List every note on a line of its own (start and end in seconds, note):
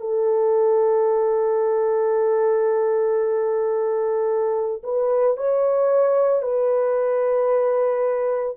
0.00 4.82 A4
4.83 5.37 B4
5.37 6.42 C#5
6.42 8.56 B4